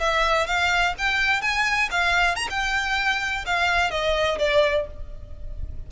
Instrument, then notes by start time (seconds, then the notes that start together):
violin
0.00 E5
0.47 F5
0.98 G5
1.42 G#5
1.91 F5
2.36 A#5
2.50 G5
3.46 F5
3.91 D#5
4.39 D5